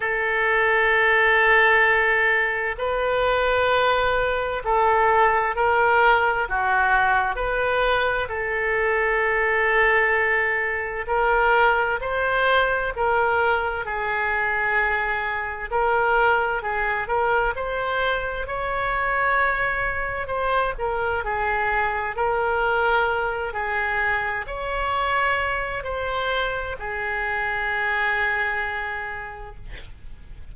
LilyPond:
\new Staff \with { instrumentName = "oboe" } { \time 4/4 \tempo 4 = 65 a'2. b'4~ | b'4 a'4 ais'4 fis'4 | b'4 a'2. | ais'4 c''4 ais'4 gis'4~ |
gis'4 ais'4 gis'8 ais'8 c''4 | cis''2 c''8 ais'8 gis'4 | ais'4. gis'4 cis''4. | c''4 gis'2. | }